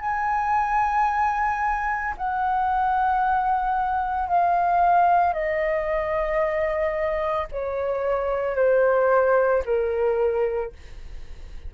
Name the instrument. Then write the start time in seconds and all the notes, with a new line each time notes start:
flute
0.00 G#5
2.17 F#5
4.29 F5
5.33 D#5
7.51 C#5
8.56 C5
9.65 A#4